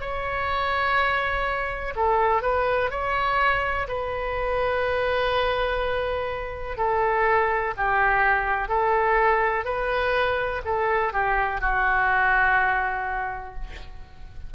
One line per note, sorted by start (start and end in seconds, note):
0.00 1.94 C#5
1.95 2.41 A4
2.41 2.90 B4
2.90 3.87 C#5
3.88 6.77 B4
6.77 7.74 A4
7.76 8.68 G4
8.68 9.64 A4
9.64 10.61 B4
10.65 11.12 A4
11.12 11.60 G4
11.60 13.54 F#4